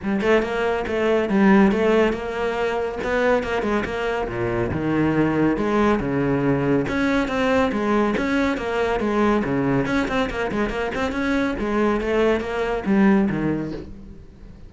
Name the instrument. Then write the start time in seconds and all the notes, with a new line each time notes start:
cello
0.02 G3
0.21 A3
0.42 A#3
0.87 A3
1.29 G3
1.71 A3
2.12 A#3
3.03 B3
3.43 A#3
3.62 G#3
3.85 A#3
4.27 A#2
4.71 D#3
5.56 G#3
6.00 C#3
6.88 C#4
7.28 C4
7.71 G#3
8.17 C#4
8.57 A#3
9.00 G#3
9.44 C#3
9.86 C#4
10.08 C4
10.30 A#3
10.51 G#3
10.69 A#3
10.94 C4
11.12 C#4
11.59 G#3
12.00 A3
12.40 A#3
12.86 G3
13.29 D#3